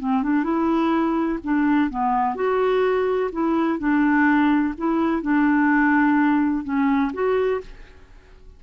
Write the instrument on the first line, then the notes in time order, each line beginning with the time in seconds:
clarinet
0.00 C4
0.23 D4
0.44 E4
1.44 D4
1.90 B3
2.36 F#4
3.32 E4
3.79 D4
4.78 E4
5.23 D4
6.64 C#4
7.14 F#4